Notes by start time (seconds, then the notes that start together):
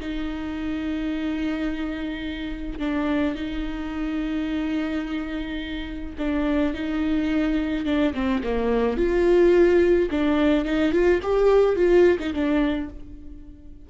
0.00 D#4
2.80 D4
3.35 D#4
6.19 D4
6.74 D#4
7.86 D4
8.14 C4
8.44 A#3
8.98 F4
10.11 D4
10.65 D#4
10.92 F4
11.23 G4
11.76 F4
12.20 D#4
12.34 D4